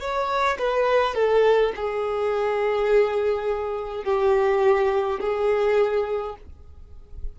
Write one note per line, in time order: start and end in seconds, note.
0.00 0.58 C#5
0.59 1.15 B4
1.15 1.73 A4
1.76 4.04 G#4
4.04 5.20 G4
5.20 6.36 G#4